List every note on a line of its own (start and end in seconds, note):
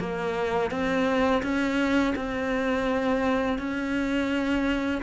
0.00 0.71 A#3
0.71 1.43 C4
1.43 2.15 C#4
2.16 3.59 C4
3.59 5.02 C#4